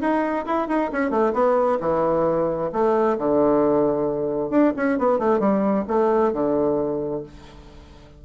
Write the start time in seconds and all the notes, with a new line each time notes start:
0.00 D#4
0.46 E4
0.68 D#4
0.92 C#4
1.10 A3
1.33 B3
1.80 E3
2.72 A3
3.17 D3
4.50 D4
4.76 C#4
4.98 B3
5.19 A3
5.39 G3
5.87 A3
6.32 D3